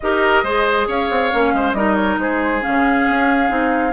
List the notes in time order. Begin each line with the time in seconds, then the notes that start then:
0.00 D#4 G4 A#4 D#5
0.43 G#3 G#4 C5
0.87 C#4 C#5 F5
1.09 C4
1.32 A#3 C#4
1.53 G#3 C5
1.73 G3 D#4 A#4 D#5
1.95 C#5
2.18 G#3 G#4 C5
2.61 C#4 F5
2.67 C#3
3.08 C#4
3.48 C4 D#4